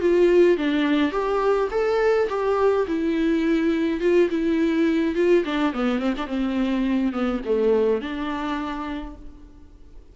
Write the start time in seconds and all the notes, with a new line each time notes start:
0.00 F4
0.57 D4
1.12 G4
1.71 A4
2.29 G4
2.87 E4
4.00 F4
4.30 E4
5.15 F4
5.44 D4
5.73 B3
5.99 C4
6.17 D4
6.27 C4
7.12 B3
7.45 A3
8.01 D4